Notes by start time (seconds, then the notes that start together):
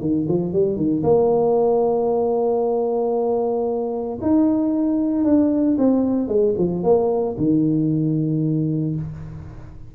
0.00 D#3
0.28 F3
0.52 G3
0.76 D#3
1.03 A#3
4.21 D#4
5.24 D4
5.78 C4
6.28 G#3
6.57 F3
6.83 A#3
7.37 D#3